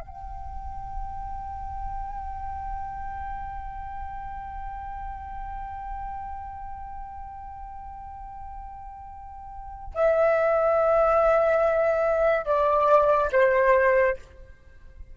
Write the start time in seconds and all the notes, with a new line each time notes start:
0.00 G5
9.94 E5
12.45 D5
13.32 C5